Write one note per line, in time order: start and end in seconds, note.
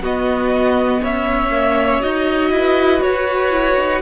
0.00 1.00 B3
0.00 1.51 B3
0.00 1.02 F#4
0.00 1.03 D#5
1.02 2.02 C#4
1.02 2.52 C#5
1.02 2.01 E5
1.51 2.00 A#3
2.00 2.51 D#4
2.00 3.50 F#4
2.00 3.01 D#5
2.51 3.01 E4
2.51 4.01 B4
3.01 4.01 F#4
3.01 4.01 C#5
3.50 3.75 E4
3.77 4.01 D#4